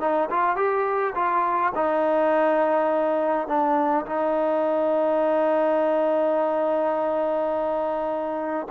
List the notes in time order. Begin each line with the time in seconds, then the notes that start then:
0.00 D#4
0.30 F4
0.56 G4
1.15 F4
1.75 D#4
3.47 D4
4.05 D#4